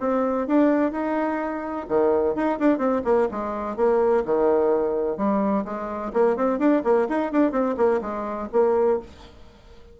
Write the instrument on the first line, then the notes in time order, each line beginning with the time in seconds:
bassoon
0.00 C4
0.47 D4
0.92 D#4
1.88 D#3
2.35 D#4
2.59 D4
2.78 C4
3.04 A#3
3.31 G#3
3.76 A#3
4.25 D#3
5.17 G3
5.65 G#3
6.13 A#3
6.36 C4
6.59 D4
6.84 A#3
7.09 D#4
7.32 D4
7.52 C4
7.77 A#3
8.01 G#3
8.52 A#3